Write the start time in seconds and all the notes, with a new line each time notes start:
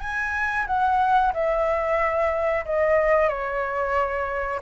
0.00 G#5
0.67 F#5
1.33 E5
2.65 D#5
3.28 C#5